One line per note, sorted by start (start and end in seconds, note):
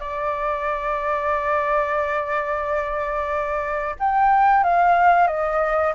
0.00 3.96 D5
3.99 4.64 G5
4.64 5.27 F5
5.27 5.93 D#5